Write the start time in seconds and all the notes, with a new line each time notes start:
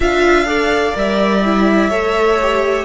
0.00 D4 F4 E5 F5
0.46 A4 D5
0.93 G3 A#4 E5
1.44 E4
1.89 A3 A4 C#5
2.41 G4